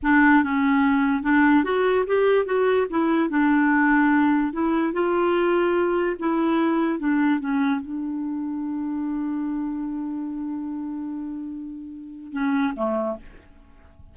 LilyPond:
\new Staff \with { instrumentName = "clarinet" } { \time 4/4 \tempo 4 = 146 d'4 cis'2 d'4 | fis'4 g'4 fis'4 e'4 | d'2. e'4 | f'2. e'4~ |
e'4 d'4 cis'4 d'4~ | d'1~ | d'1~ | d'2 cis'4 a4 | }